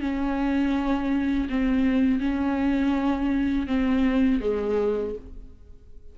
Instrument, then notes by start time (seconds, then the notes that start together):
viola
0.00 C#4
1.49 C4
2.20 C#4
3.67 C4
4.40 G#3